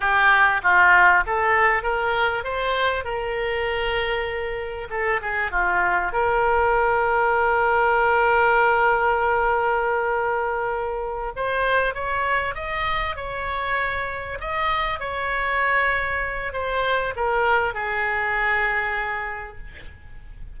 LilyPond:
\new Staff \with { instrumentName = "oboe" } { \time 4/4 \tempo 4 = 98 g'4 f'4 a'4 ais'4 | c''4 ais'2. | a'8 gis'8 f'4 ais'2~ | ais'1~ |
ais'2~ ais'8 c''4 cis''8~ | cis''8 dis''4 cis''2 dis''8~ | dis''8 cis''2~ cis''8 c''4 | ais'4 gis'2. | }